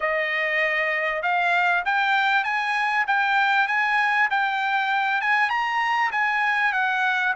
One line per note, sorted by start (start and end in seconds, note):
0.00 1.22 D#5
1.22 1.83 F5
1.85 2.44 G5
2.44 3.05 G#5
3.07 3.67 G5
3.67 4.29 G#5
4.30 5.21 G5
5.21 5.49 G#5
5.49 6.11 A#5
6.11 6.73 G#5
6.73 7.34 F#5